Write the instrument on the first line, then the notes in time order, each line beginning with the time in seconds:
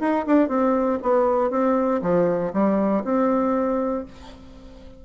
bassoon
0.00 D#4
0.26 D4
0.48 C4
1.02 B3
1.50 C4
2.02 F3
2.53 G3
3.04 C4